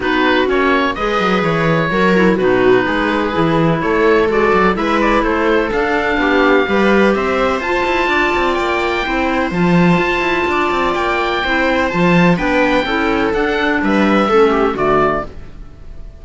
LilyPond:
<<
  \new Staff \with { instrumentName = "oboe" } { \time 4/4 \tempo 4 = 126 b'4 cis''4 dis''4 cis''4~ | cis''4 b'2. | cis''4 d''4 e''8 d''8 c''4 | f''2. e''4 |
a''2 g''2 | a''2. g''4~ | g''4 a''4 g''2 | fis''4 e''2 d''4 | }
  \new Staff \with { instrumentName = "viola" } { \time 4/4 fis'2 b'2 | ais'4 fis'4 gis'2 | a'2 b'4 a'4~ | a'4 g'4 b'4 c''4~ |
c''4 d''2 c''4~ | c''2 d''2 | c''2 b'4 a'4~ | a'4 b'4 a'8 g'8 fis'4 | }
  \new Staff \with { instrumentName = "clarinet" } { \time 4/4 dis'4 cis'4 gis'2 | fis'8 e'8 dis'2 e'4~ | e'4 fis'4 e'2 | d'2 g'2 |
f'2. e'4 | f'1 | e'4 f'4 d'4 e'4 | d'2 cis'4 a4 | }
  \new Staff \with { instrumentName = "cello" } { \time 4/4 b4 ais4 gis8 fis8 e4 | fis4 b,4 gis4 e4 | a4 gis8 fis8 gis4 a4 | d'4 b4 g4 c'4 |
f'8 e'8 d'8 c'8 ais4 c'4 | f4 f'8 e'8 d'8 c'8 ais4 | c'4 f4 b4 cis'4 | d'4 g4 a4 d4 | }
>>